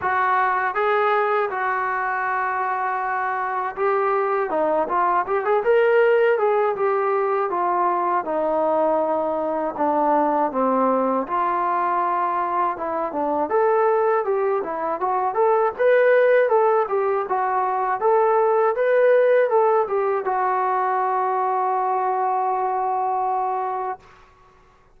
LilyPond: \new Staff \with { instrumentName = "trombone" } { \time 4/4 \tempo 4 = 80 fis'4 gis'4 fis'2~ | fis'4 g'4 dis'8 f'8 g'16 gis'16 ais'8~ | ais'8 gis'8 g'4 f'4 dis'4~ | dis'4 d'4 c'4 f'4~ |
f'4 e'8 d'8 a'4 g'8 e'8 | fis'8 a'8 b'4 a'8 g'8 fis'4 | a'4 b'4 a'8 g'8 fis'4~ | fis'1 | }